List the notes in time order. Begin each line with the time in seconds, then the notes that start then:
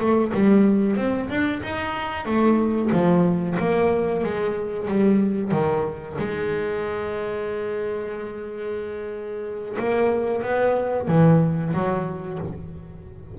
0.00 A3
0.34 G3
0.97 C4
1.30 D4
1.63 D#4
2.26 A3
2.93 F3
3.59 A#3
4.24 G#3
4.88 G3
5.52 D#3
6.19 G#3
9.79 A#3
10.43 B3
11.08 E3
11.74 F#3